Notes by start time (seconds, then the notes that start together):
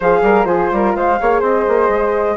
0.00 F3 G#4 C5 F5
0.22 G3 A#4
0.44 F3 F4 G#4 C5
0.71 G3 A#4
0.94 G#3 C5 F5
1.19 A#3 G#4 C#5
1.40 C4 C5 D#5
1.68 A#3
1.88 G#3